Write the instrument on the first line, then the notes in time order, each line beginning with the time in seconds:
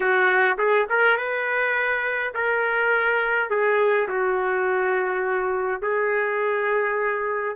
trumpet
0.00 F#4
0.58 G#4
0.89 A#4
1.17 B4
2.34 A#4
3.50 G#4
4.08 F#4
5.81 G#4